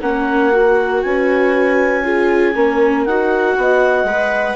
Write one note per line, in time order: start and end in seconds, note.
0.00 1.03 A#3
0.00 0.52 C#4
0.00 1.02 A#4
0.00 1.03 F#5
0.52 2.04 F#4
1.03 2.55 C#4
1.03 2.04 B4
1.03 3.06 G#5
2.04 2.54 F4
2.04 2.55 G#4
2.55 3.06 A#3
2.55 3.07 C#4
2.55 3.57 A#4
3.06 3.57 D#4
3.06 4.07 F#4
3.06 4.56 F#5
3.57 4.04 B3
3.57 4.56 D#5
4.04 4.55 G#3
4.04 4.56 B4